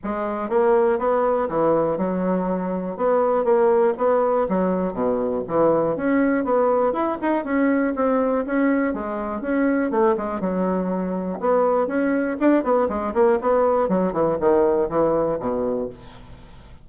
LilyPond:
\new Staff \with { instrumentName = "bassoon" } { \time 4/4 \tempo 4 = 121 gis4 ais4 b4 e4 | fis2 b4 ais4 | b4 fis4 b,4 e4 | cis'4 b4 e'8 dis'8 cis'4 |
c'4 cis'4 gis4 cis'4 | a8 gis8 fis2 b4 | cis'4 d'8 b8 gis8 ais8 b4 | fis8 e8 dis4 e4 b,4 | }